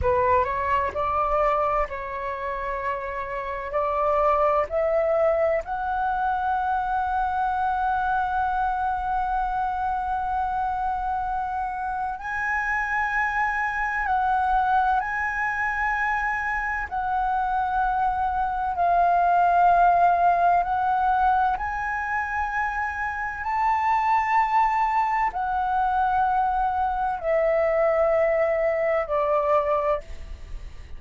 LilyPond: \new Staff \with { instrumentName = "flute" } { \time 4/4 \tempo 4 = 64 b'8 cis''8 d''4 cis''2 | d''4 e''4 fis''2~ | fis''1~ | fis''4 gis''2 fis''4 |
gis''2 fis''2 | f''2 fis''4 gis''4~ | gis''4 a''2 fis''4~ | fis''4 e''2 d''4 | }